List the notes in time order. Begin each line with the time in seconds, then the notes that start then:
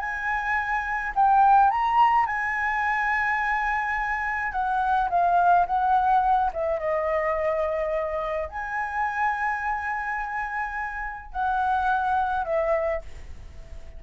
0.00 G#5
1.16 G5
1.71 A#5
2.27 G#5
4.53 F#5
5.10 F5
5.67 F#5
6.54 E5
6.80 D#5
8.49 G#5
11.32 F#5
12.45 E5